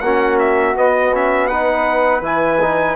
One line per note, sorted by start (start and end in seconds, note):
0.00 0.75 A#3
0.00 0.74 C#4
0.00 1.49 F#4
0.00 0.37 F#5
0.39 0.76 E5
0.74 1.11 B3
0.74 2.21 B3
0.74 1.14 D#5
1.14 1.51 C#4
1.14 1.47 E5
1.47 2.22 D#4
1.47 2.96 B4
1.47 2.21 F#5
2.21 2.95 E3
2.21 2.59 E4
2.21 2.96 G#5
2.61 2.96 D#4